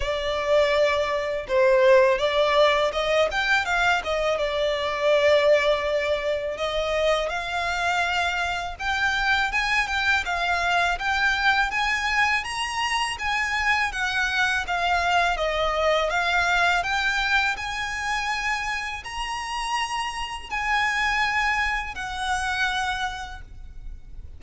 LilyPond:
\new Staff \with { instrumentName = "violin" } { \time 4/4 \tempo 4 = 82 d''2 c''4 d''4 | dis''8 g''8 f''8 dis''8 d''2~ | d''4 dis''4 f''2 | g''4 gis''8 g''8 f''4 g''4 |
gis''4 ais''4 gis''4 fis''4 | f''4 dis''4 f''4 g''4 | gis''2 ais''2 | gis''2 fis''2 | }